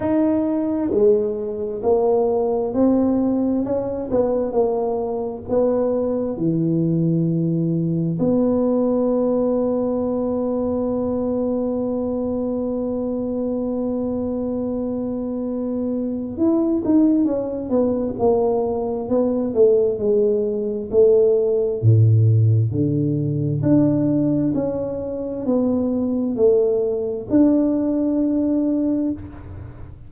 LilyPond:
\new Staff \with { instrumentName = "tuba" } { \time 4/4 \tempo 4 = 66 dis'4 gis4 ais4 c'4 | cis'8 b8 ais4 b4 e4~ | e4 b2.~ | b1~ |
b2 e'8 dis'8 cis'8 b8 | ais4 b8 a8 gis4 a4 | a,4 d4 d'4 cis'4 | b4 a4 d'2 | }